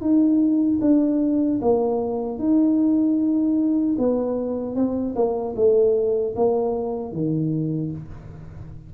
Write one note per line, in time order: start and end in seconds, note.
0.00 0.79 D#4
0.81 1.60 D4
1.61 2.38 A#3
2.38 3.96 D#4
3.98 4.75 B3
4.75 5.14 C4
5.15 5.54 A#3
5.55 6.34 A3
6.35 7.12 A#3
7.12 7.91 D#3